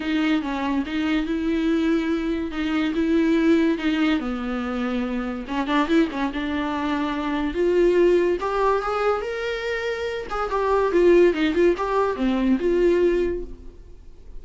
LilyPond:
\new Staff \with { instrumentName = "viola" } { \time 4/4 \tempo 4 = 143 dis'4 cis'4 dis'4 e'4~ | e'2 dis'4 e'4~ | e'4 dis'4 b2~ | b4 cis'8 d'8 e'8 cis'8 d'4~ |
d'2 f'2 | g'4 gis'4 ais'2~ | ais'8 gis'8 g'4 f'4 dis'8 f'8 | g'4 c'4 f'2 | }